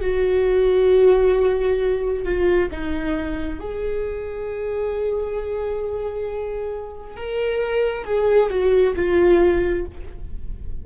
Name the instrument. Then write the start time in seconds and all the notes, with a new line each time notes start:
viola
0.00 F#4
2.24 F4
2.71 D#4
3.59 G#4
7.16 A#4
8.04 G#4
8.49 F#4
8.96 F4